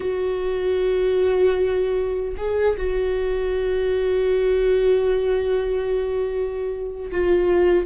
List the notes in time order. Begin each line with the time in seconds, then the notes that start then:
0.00 F#4
2.36 G#4
2.76 F#4
7.11 F4